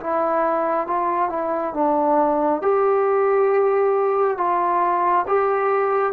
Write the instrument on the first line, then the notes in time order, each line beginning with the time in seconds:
trombone
0.00 E4
0.87 F4
1.30 E4
1.74 D4
2.62 G4
4.37 F4
5.27 G4